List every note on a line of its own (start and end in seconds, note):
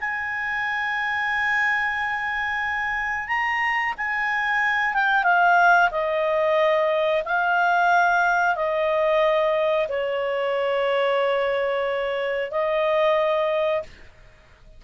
0.00 3.28 G#5
3.28 3.94 A#5
3.97 4.94 G#5
4.94 5.23 G5
5.23 5.89 F5
5.91 7.23 D#5
7.24 8.55 F5
8.55 9.87 D#5
9.89 12.51 C#5
12.51 13.83 D#5